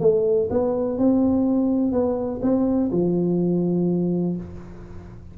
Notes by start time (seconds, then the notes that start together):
0.00 A3
0.50 B3
0.98 C4
1.92 B3
2.42 C4
2.92 F3